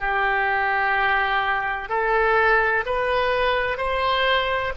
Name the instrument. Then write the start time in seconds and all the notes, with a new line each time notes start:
oboe
0.00 G4
1.89 A4
2.86 B4
3.77 C5